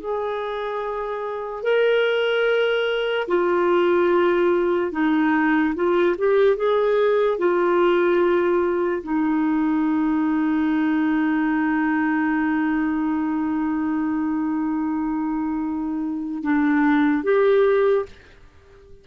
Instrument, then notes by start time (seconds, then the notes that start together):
clarinet
0.00 G#4
1.64 A#4
3.28 F4
4.92 D#4
5.75 F4
6.18 G4
6.57 G#4
7.39 F4
9.03 D#4
16.43 D4
17.23 G4